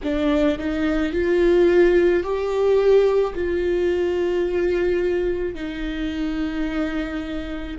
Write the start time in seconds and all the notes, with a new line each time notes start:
0.03 D4
0.58 D#4
1.12 F4
2.23 G4
3.34 F4
5.55 D#4